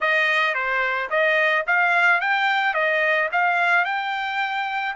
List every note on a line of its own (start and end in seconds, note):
0.00 0.54 D#5
0.54 1.09 C5
1.10 1.65 D#5
1.67 2.20 F5
2.20 2.74 G5
2.74 3.29 D#5
3.32 3.85 F5
3.85 4.95 G5